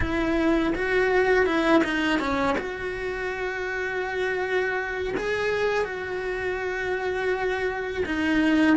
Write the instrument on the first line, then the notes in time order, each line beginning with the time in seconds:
cello
0.00 E4
0.75 F#4
1.46 E4
1.84 D#4
2.19 C#4
2.58 F#4
5.17 G#4
5.84 F#4
8.05 D#4